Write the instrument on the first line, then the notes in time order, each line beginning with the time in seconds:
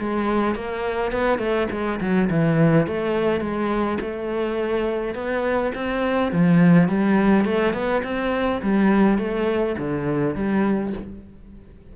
cello
0.00 G#3
0.56 A#3
1.12 B3
1.39 A3
1.72 G#3
2.01 F#3
2.31 E3
2.88 A3
3.41 G#3
4.01 A3
5.15 B3
5.75 C4
6.33 F3
6.89 G3
7.46 A3
7.74 B3
8.04 C4
8.63 G3
9.19 A3
9.79 D3
10.36 G3